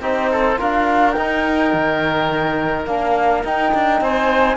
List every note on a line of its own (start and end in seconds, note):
0.00 0.57 C4
0.00 0.57 D#4
0.00 0.30 G4
0.00 0.59 C5
0.32 0.59 A4
0.57 1.16 D4
0.57 1.14 F4
0.57 4.02 A#4
0.57 1.11 F5
1.11 2.87 D#4
1.11 1.73 D#4
1.11 2.83 G5
1.73 2.86 D#3
2.86 3.43 A#3
2.86 3.44 D4
2.86 3.43 F5
3.44 4.56 D#4
3.44 3.72 D#4
3.44 4.02 G5
3.74 4.01 D4
4.01 4.56 C4
4.01 4.56 C5
4.01 4.56 G#5